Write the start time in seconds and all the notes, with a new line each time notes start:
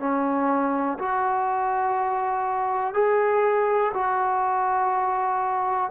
0.00 C#4
0.99 F#4
2.94 G#4
3.94 F#4